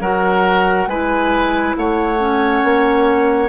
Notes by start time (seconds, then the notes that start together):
0.00 F#3 F#4 A#4 F#5
0.86 G#3 E4 B4 G#5
1.77 A3 C#5 F#5
2.18 C#4
2.63 A#3